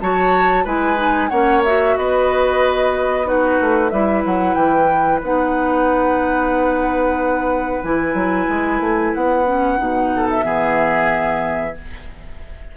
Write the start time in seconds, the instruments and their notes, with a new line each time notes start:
0.00 bassoon F#3, clarinet F#4, oboe C#5, flute A5
0.64 bassoon G#3, clarinet E4, oboe B4, flute G#5
0.96 clarinet D#4
1.29 bassoon A#3, clarinet C#4, oboe C#5, flute F#5
1.64 clarinet F#4, flute E5
1.97 bassoon B3, oboe B4, flute D#5
3.25 clarinet D#4, oboe F#4, flute B4
3.60 bassoon A3
3.89 bassoon G3, clarinet E4, oboe B4, flute E5
4.25 bassoon F#3, flute F#5
4.54 bassoon E3, flute G5
5.22 bassoon B3, clarinet D#4, flute F#5
7.83 bassoon E3, clarinet E4, flute G#5
8.13 bassoon F#3
8.49 bassoon G#3
8.80 bassoon A3
9.14 bassoon B3, flute F#5
9.45 clarinet C#4
9.77 bassoon B2, clarinet D#4
10.15 oboe A4
10.30 flute E5
10.41 bassoon E3, clarinet B3, oboe G#4